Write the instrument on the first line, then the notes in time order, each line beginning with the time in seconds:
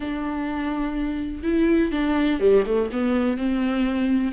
viola
0.00 D4
1.43 E4
1.91 D4
2.40 G3
2.65 A3
2.91 B3
3.37 C4